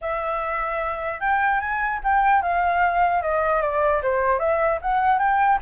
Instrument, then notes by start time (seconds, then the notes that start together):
flute
0.01 E5
1.20 G5
1.60 G#5
2.03 G5
2.42 F5
3.21 D#5
3.61 D5
4.02 C5
4.39 E5
4.81 F#5
5.18 G5